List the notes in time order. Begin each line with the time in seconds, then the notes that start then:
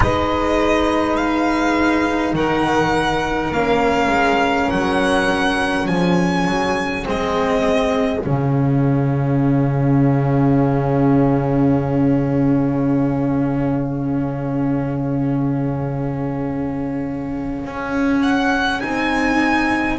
0.00 G#3 D#4 B4 D#5
1.16 F5
2.33 D#3 A#4 F#5
3.51 A#3 C#4 F5
4.08 G#3
4.70 F#3 F#5
5.86 F3 G#4 G#5
6.47 F#3
7.03 G#3 C4
7.09 D#5
8.21 C#3 C#4 F5
17.64 C#4
18.22 F#5
18.80 C4 D#4 G#5